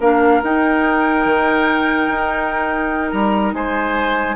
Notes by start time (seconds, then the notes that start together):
0.00 A#3 D4 A#4 F5
0.43 D#4 G5
1.25 D#3
2.09 D#4
3.11 G3 A#5
3.53 G#3 C5 G#5